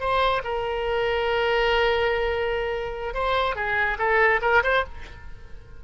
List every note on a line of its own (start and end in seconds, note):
0.00 0.42 C5
0.44 3.14 A#4
3.14 3.56 C5
3.56 3.98 G#4
3.98 4.40 A4
4.42 4.63 A#4
4.63 4.84 C5